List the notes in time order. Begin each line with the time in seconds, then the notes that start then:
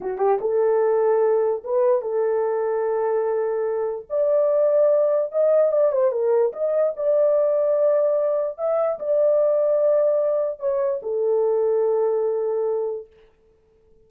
0.01 F#4
0.17 G4
0.40 A4
1.64 B4
2.01 A4
4.09 D5
5.32 D#5
5.71 D5
5.92 C5
6.11 A#4
6.52 D#5
6.96 D5
8.58 E5
8.99 D5
10.59 C#5
11.02 A4